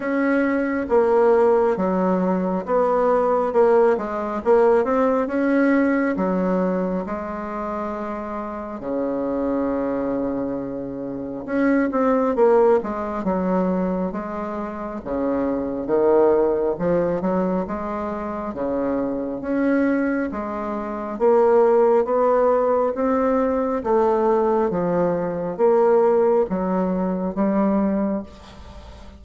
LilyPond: \new Staff \with { instrumentName = "bassoon" } { \time 4/4 \tempo 4 = 68 cis'4 ais4 fis4 b4 | ais8 gis8 ais8 c'8 cis'4 fis4 | gis2 cis2~ | cis4 cis'8 c'8 ais8 gis8 fis4 |
gis4 cis4 dis4 f8 fis8 | gis4 cis4 cis'4 gis4 | ais4 b4 c'4 a4 | f4 ais4 fis4 g4 | }